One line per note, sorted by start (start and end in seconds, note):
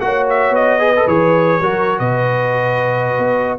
0.00 0.50 A#3
0.00 0.79 F#4
0.00 0.81 C#5
0.00 0.27 F#5
0.30 0.55 E5
0.50 1.03 B3
0.50 1.08 D#5
0.79 0.93 G#4
0.79 1.61 B4
0.96 1.08 A4
1.07 1.60 E3
1.07 1.61 G#4
1.07 1.99 C#5
1.61 1.99 F#3
1.61 3.59 F#4
1.61 1.99 A#4
1.99 3.18 B2
1.99 3.59 B4
1.99 3.58 D#5
3.18 3.58 B3